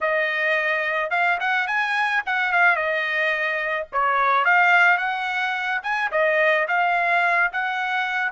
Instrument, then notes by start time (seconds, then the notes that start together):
trumpet
0.00 D#5
1.10 F5
1.40 F#5
1.67 G#5
2.26 F#5
2.52 F5
2.76 D#5
3.92 C#5
4.44 F5
4.97 F#5
5.83 G#5
6.11 D#5
6.68 F5
7.52 F#5